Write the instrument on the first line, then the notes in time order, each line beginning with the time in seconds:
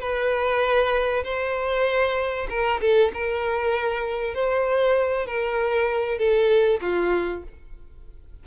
violin
0.00 B4
1.24 C5
2.49 A#4
2.81 A4
3.13 A#4
4.34 C5
5.26 A#4
6.18 A4
6.81 F4